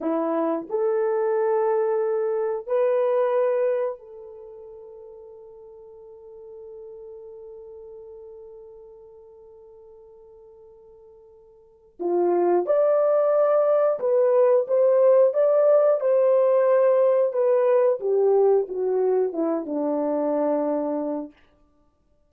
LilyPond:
\new Staff \with { instrumentName = "horn" } { \time 4/4 \tempo 4 = 90 e'4 a'2. | b'2 a'2~ | a'1~ | a'1~ |
a'2 f'4 d''4~ | d''4 b'4 c''4 d''4 | c''2 b'4 g'4 | fis'4 e'8 d'2~ d'8 | }